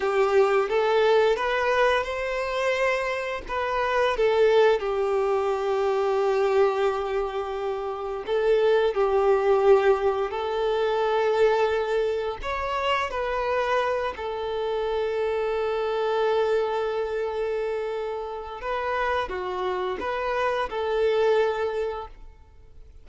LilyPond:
\new Staff \with { instrumentName = "violin" } { \time 4/4 \tempo 4 = 87 g'4 a'4 b'4 c''4~ | c''4 b'4 a'4 g'4~ | g'1 | a'4 g'2 a'4~ |
a'2 cis''4 b'4~ | b'8 a'2.~ a'8~ | a'2. b'4 | fis'4 b'4 a'2 | }